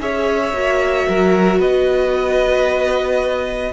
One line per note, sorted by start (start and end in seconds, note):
0.00 0.54 C#4
0.00 0.53 G#4
0.00 1.09 C#5
0.00 1.61 E5
0.53 1.07 A#3
0.53 3.74 F#4
1.09 1.59 F#3
1.09 1.59 A#4
1.59 3.73 B3
1.59 3.74 B4
1.59 3.74 D#5